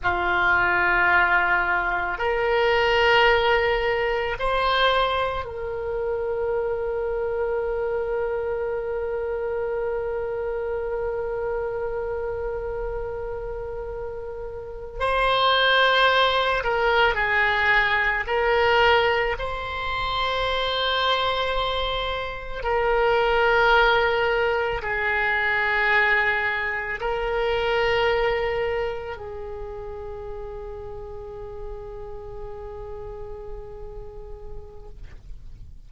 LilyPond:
\new Staff \with { instrumentName = "oboe" } { \time 4/4 \tempo 4 = 55 f'2 ais'2 | c''4 ais'2.~ | ais'1~ | ais'4.~ ais'16 c''4. ais'8 gis'16~ |
gis'8. ais'4 c''2~ c''16~ | c''8. ais'2 gis'4~ gis'16~ | gis'8. ais'2 gis'4~ gis'16~ | gis'1 | }